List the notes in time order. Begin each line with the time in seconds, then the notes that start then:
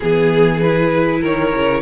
0.00 E3 B3 G#4
0.60 E4 B4
1.20 D#3 A#4 C#5
1.55 C#3